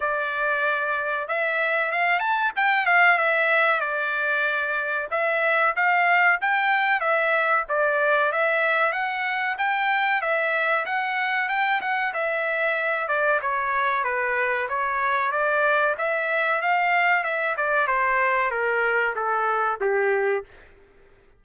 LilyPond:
\new Staff \with { instrumentName = "trumpet" } { \time 4/4 \tempo 4 = 94 d''2 e''4 f''8 a''8 | g''8 f''8 e''4 d''2 | e''4 f''4 g''4 e''4 | d''4 e''4 fis''4 g''4 |
e''4 fis''4 g''8 fis''8 e''4~ | e''8 d''8 cis''4 b'4 cis''4 | d''4 e''4 f''4 e''8 d''8 | c''4 ais'4 a'4 g'4 | }